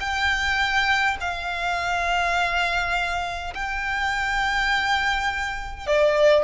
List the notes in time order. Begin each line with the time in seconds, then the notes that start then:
0.00 G5
1.20 F5
3.55 G5
5.87 D5